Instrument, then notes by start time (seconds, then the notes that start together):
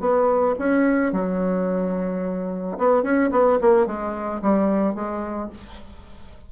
bassoon
0.00 B3
0.59 C#4
1.12 F#3
2.78 B3
3.03 C#4
3.31 B3
3.61 A#3
3.86 G#3
4.42 G3
4.95 G#3